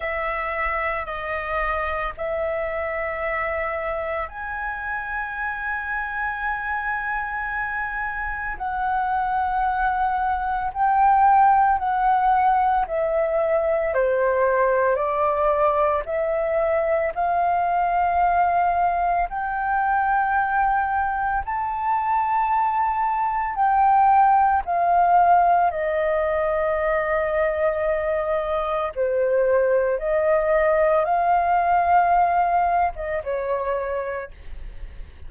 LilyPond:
\new Staff \with { instrumentName = "flute" } { \time 4/4 \tempo 4 = 56 e''4 dis''4 e''2 | gis''1 | fis''2 g''4 fis''4 | e''4 c''4 d''4 e''4 |
f''2 g''2 | a''2 g''4 f''4 | dis''2. c''4 | dis''4 f''4.~ f''16 dis''16 cis''4 | }